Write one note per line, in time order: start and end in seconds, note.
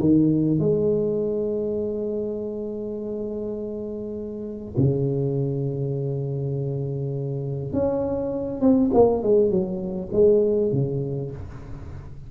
0.00 0.59 D#3
0.59 4.75 G#3
4.77 7.73 C#3
7.73 8.61 C#4
8.61 8.90 C4
8.93 9.23 A#3
9.23 9.50 G#3
9.50 10.10 F#3
10.12 10.72 G#3
10.72 11.31 C#3